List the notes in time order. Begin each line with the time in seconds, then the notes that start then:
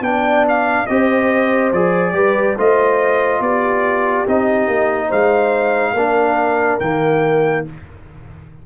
0.00 B3 D4 D5 G5
0.48 F5
0.86 C4 G4 C5 D#5
1.71 F3 G#4 D5
2.12 G3 G4 B4
2.56 A3 F4 C5 D#5
3.39 B3 G4 D5
4.26 C4 D#4 D#5
4.67 A#3
5.07 G#3 C5 F5
5.93 A#3 D4 A#4
6.79 D#3 A#3 G5